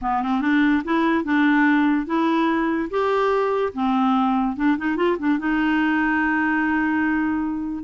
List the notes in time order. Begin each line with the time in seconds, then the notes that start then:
0.01 B3
0.22 C4
0.41 D4
0.84 E4
1.24 D4
2.06 E4
2.90 G4
3.73 C4
4.56 D4
4.77 D#4
4.96 F4
5.18 D4
5.38 D#4